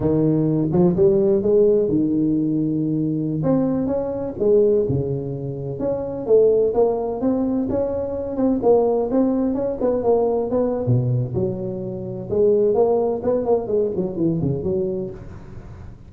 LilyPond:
\new Staff \with { instrumentName = "tuba" } { \time 4/4 \tempo 4 = 127 dis4. f8 g4 gis4 | dis2.~ dis16 c'8.~ | c'16 cis'4 gis4 cis4.~ cis16~ | cis16 cis'4 a4 ais4 c'8.~ |
c'16 cis'4. c'8 ais4 c'8.~ | c'16 cis'8 b8 ais4 b8. b,4 | fis2 gis4 ais4 | b8 ais8 gis8 fis8 e8 cis8 fis4 | }